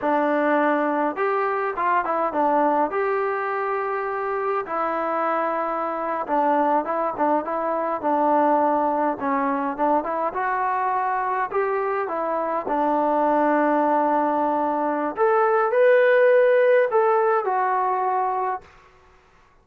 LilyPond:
\new Staff \with { instrumentName = "trombone" } { \time 4/4 \tempo 4 = 103 d'2 g'4 f'8 e'8 | d'4 g'2. | e'2~ e'8. d'4 e'16~ | e'16 d'8 e'4 d'2 cis'16~ |
cis'8. d'8 e'8 fis'2 g'16~ | g'8. e'4 d'2~ d'16~ | d'2 a'4 b'4~ | b'4 a'4 fis'2 | }